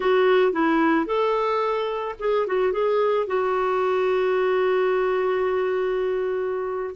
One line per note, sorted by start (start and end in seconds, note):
0.00 0.52 F#4
0.52 1.06 E4
1.06 2.15 A4
2.19 2.46 G#4
2.47 2.72 F#4
2.72 3.27 G#4
3.27 6.95 F#4